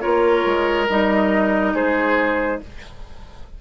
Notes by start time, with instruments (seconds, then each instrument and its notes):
0.00 bassoon A#3, clarinet F4, oboe A#4, flute C#5
0.45 bassoon G#3
0.89 bassoon G3, clarinet D#4, flute D#5
1.74 bassoon G#3, oboe G#4, flute C5